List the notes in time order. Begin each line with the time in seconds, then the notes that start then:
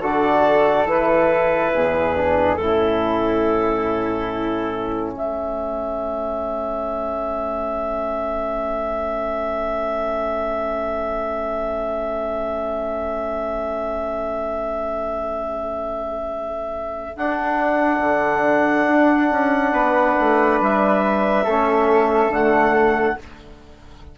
0.00 D3 F#4 A4 D5
0.85 E3 E4 B4
1.73 E2 G#4
2.15 D4
2.55 A2 A4
2.61 C#4 E4
5.16 A3 A4 E5
17.15 D4 F#5
17.99 D3
18.88 D4
19.31 C#4
19.72 B3 B4
20.19 A3
20.60 G3 E5
21.44 A3 C#4 A4
22.28 D3 A3 F#5